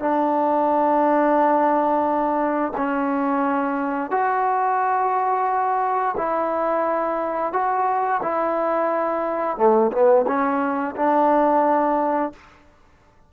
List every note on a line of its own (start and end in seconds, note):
0.00 2.73 D4
2.77 4.11 C#4
4.11 6.15 F#4
6.18 7.53 E4
7.53 8.22 F#4
8.23 9.58 E4
9.58 9.92 A3
9.92 10.26 B3
10.28 10.96 C#4
10.96 12.33 D4